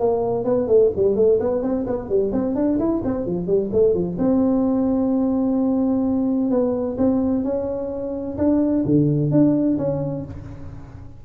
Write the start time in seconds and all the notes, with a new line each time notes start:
0.00 A#3
0.45 B3
0.68 A3
0.97 G3
1.16 A3
1.40 B3
1.63 C4
1.87 B3
2.10 G3
2.33 C4
2.56 D4
2.79 E4
3.05 C4
3.26 F3
3.47 G3
3.73 A3
3.95 F3
4.19 C4
6.51 B3
6.98 C4
7.44 C#4
8.38 D4
8.86 D3
9.31 D4
9.79 C#4